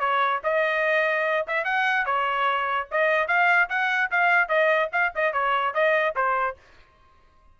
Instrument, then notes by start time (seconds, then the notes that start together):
trumpet
0.00 C#5
0.44 D#5
1.47 E5
1.65 F#5
2.06 C#5
2.91 D#5
3.28 F5
3.69 F#5
4.11 F5
4.49 D#5
4.93 F5
5.15 D#5
5.33 C#5
5.74 D#5
6.16 C5